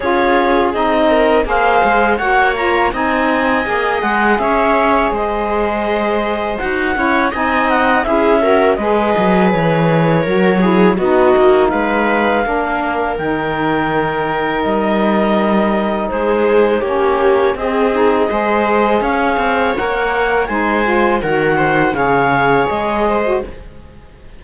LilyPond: <<
  \new Staff \with { instrumentName = "clarinet" } { \time 4/4 \tempo 4 = 82 cis''4 dis''4 f''4 fis''8 ais''8 | gis''4. fis''8 e''4 dis''4~ | dis''4 fis''4 gis''8 fis''8 e''4 | dis''4 cis''2 dis''4 |
f''2 g''2 | dis''2 c''4 cis''4 | dis''2 f''4 fis''4 | gis''4 fis''4 f''4 dis''4 | }
  \new Staff \with { instrumentName = "viola" } { \time 4/4 gis'4. ais'8 c''4 cis''4 | dis''2 cis''4 c''4~ | c''4. cis''8 dis''4 gis'8 ais'8 | b'2 ais'8 gis'8 fis'4 |
b'4 ais'2.~ | ais'2 gis'4 g'4 | gis'4 c''4 cis''2 | c''4 ais'8 c''8 cis''4. c''8 | }
  \new Staff \with { instrumentName = "saxophone" } { \time 4/4 f'4 dis'4 gis'4 fis'8 f'8 | dis'4 gis'2.~ | gis'4 fis'8 e'8 dis'4 e'8 fis'8 | gis'2 fis'8 e'8 dis'4~ |
dis'4 d'4 dis'2~ | dis'2. cis'4 | c'8 dis'8 gis'2 ais'4 | dis'8 f'8 fis'4 gis'4.~ gis'16 fis'16 | }
  \new Staff \with { instrumentName = "cello" } { \time 4/4 cis'4 c'4 ais8 gis8 ais4 | c'4 ais8 gis8 cis'4 gis4~ | gis4 dis'8 cis'8 c'4 cis'4 | gis8 fis8 e4 fis4 b8 ais8 |
gis4 ais4 dis2 | g2 gis4 ais4 | c'4 gis4 cis'8 c'8 ais4 | gis4 dis4 cis4 gis4 | }
>>